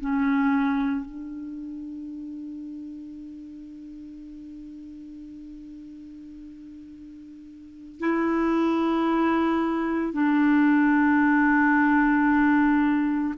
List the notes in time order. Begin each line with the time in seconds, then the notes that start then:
0.00 C#4
1.05 D4
8.00 E4
10.12 D4